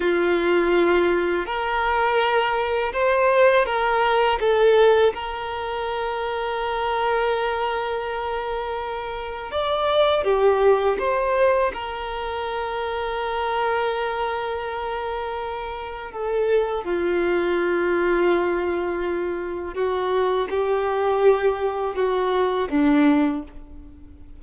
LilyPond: \new Staff \with { instrumentName = "violin" } { \time 4/4 \tempo 4 = 82 f'2 ais'2 | c''4 ais'4 a'4 ais'4~ | ais'1~ | ais'4 d''4 g'4 c''4 |
ais'1~ | ais'2 a'4 f'4~ | f'2. fis'4 | g'2 fis'4 d'4 | }